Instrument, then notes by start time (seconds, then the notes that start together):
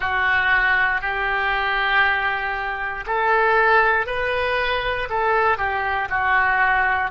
oboe
0.00 F#4
1.01 G4
3.06 A4
4.06 B4
5.09 A4
5.57 G4
6.09 F#4